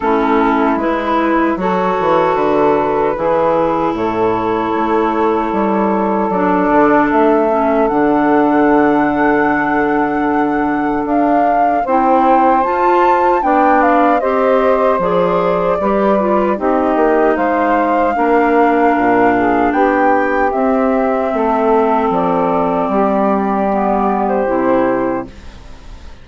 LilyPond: <<
  \new Staff \with { instrumentName = "flute" } { \time 4/4 \tempo 4 = 76 a'4 b'4 cis''4 b'4~ | b'4 cis''2. | d''4 e''4 fis''2~ | fis''2 f''4 g''4 |
a''4 g''8 f''8 dis''4 d''4~ | d''4 dis''4 f''2~ | f''4 g''4 e''2 | d''2~ d''8. c''4~ c''16 | }
  \new Staff \with { instrumentName = "saxophone" } { \time 4/4 e'2 a'2 | gis'4 a'2.~ | a'1~ | a'2. c''4~ |
c''4 d''4 c''2 | b'4 g'4 c''4 ais'4~ | ais'8 gis'8 g'2 a'4~ | a'4 g'2. | }
  \new Staff \with { instrumentName = "clarinet" } { \time 4/4 cis'4 e'4 fis'2 | e'1 | d'4. cis'8 d'2~ | d'2. e'4 |
f'4 d'4 g'4 gis'4 | g'8 f'8 dis'2 d'4~ | d'2 c'2~ | c'2 b4 e'4 | }
  \new Staff \with { instrumentName = "bassoon" } { \time 4/4 a4 gis4 fis8 e8 d4 | e4 a,4 a4 g4 | fis8 d8 a4 d2~ | d2 d'4 c'4 |
f'4 b4 c'4 f4 | g4 c'8 ais8 gis4 ais4 | ais,4 b4 c'4 a4 | f4 g2 c4 | }
>>